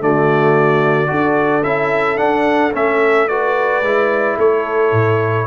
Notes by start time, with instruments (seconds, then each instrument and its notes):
0.00 tuba D3, trombone A3, horn F#4, trumpet D5
1.07 tuba D4, trombone F#4, horn A4
1.63 tuba C#4, trombone E4, trumpet E5
2.16 trombone D4, tuba D4, trumpet F#5
2.73 tuba A3, trombone C#4, trumpet E5
3.28 trombone F#4, horn B4, trumpet D5
3.82 tuba G#3, trombone E4
4.37 tuba A3, horn A4, trumpet C#5
4.92 tuba A2